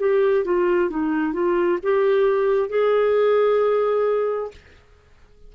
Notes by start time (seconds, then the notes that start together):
0.00 G4
0.45 F4
0.90 D#4
1.33 F4
1.83 G4
2.69 G#4